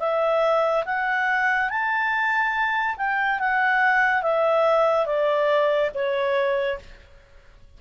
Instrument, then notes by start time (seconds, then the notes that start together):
clarinet
0.00 E5
0.85 F#5
1.70 A5
2.97 G5
3.39 F#5
4.23 E5
5.06 D5
5.95 C#5